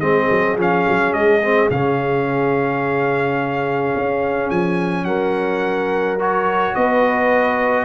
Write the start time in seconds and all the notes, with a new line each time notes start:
0.00 G#3 C4 G#4 D#5
0.30 F#3
0.56 F3 C#4 F5
0.88 F#3
1.13 G#3 D#5
1.42 C4
1.70 C#3 C#4 F5
3.96 C#4
4.50 F3 G#5
5.04 F#3 A#4 F#5
6.19 F#4 C#5
6.75 B3 B4 D#5